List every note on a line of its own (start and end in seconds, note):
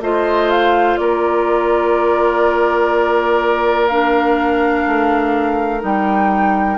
0.00 0.97 A3
0.00 3.89 F4
0.00 1.00 C5
0.00 0.50 D#5
0.50 0.97 F5
0.97 4.86 A#3
0.97 6.78 A#4
0.97 3.88 D5
3.88 5.80 D4
3.88 5.81 F5
4.86 5.83 A3
5.80 6.78 G3
5.80 6.77 D#4
5.80 6.78 G5